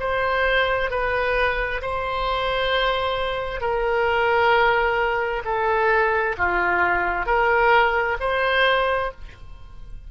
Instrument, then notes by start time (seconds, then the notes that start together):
oboe
0.00 C5
0.91 B4
1.82 C5
3.61 A#4
5.45 A4
6.38 F4
7.26 A#4
8.21 C5